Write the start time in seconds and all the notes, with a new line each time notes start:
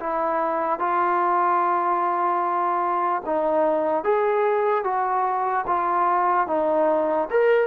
0.00 E4
0.79 F4
3.26 D#4
4.04 G#4
4.84 F#4
5.67 F4
6.48 D#4
7.31 A#4